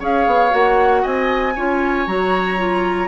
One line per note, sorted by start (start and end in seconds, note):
0.00 0.27 C#4
0.00 0.50 G#4
0.00 1.02 C#5
0.00 0.55 F5
0.27 0.53 B3
0.50 1.05 A#3
0.50 1.53 F#4
0.50 1.05 F#5
1.02 1.57 C4
1.02 1.54 D#5
1.02 2.07 G#5
1.56 2.07 C#4
1.56 2.07 F4
1.56 3.09 C#5
2.07 3.09 F#3
2.07 2.58 F#4
2.07 3.09 A#5
2.58 3.09 F4